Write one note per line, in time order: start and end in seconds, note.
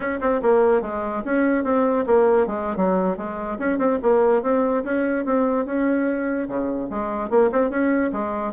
0.00 0.19 C#4
0.20 0.41 C4
0.41 0.81 A#3
0.81 1.22 G#3
1.24 1.64 C#4
1.64 2.05 C4
2.06 2.46 A#3
2.46 2.76 G#3
2.76 3.17 F#3
3.17 3.58 G#3
3.58 3.78 C#4
3.78 3.98 C4
4.02 4.42 A#3
4.42 4.83 C4
4.84 5.25 C#4
5.25 5.65 C4
5.65 6.47 C#4
6.48 6.89 C#3
6.90 7.29 G#3
7.29 7.50 A#3
7.51 7.70 C4
7.70 8.11 C#4
8.12 8.53 G#3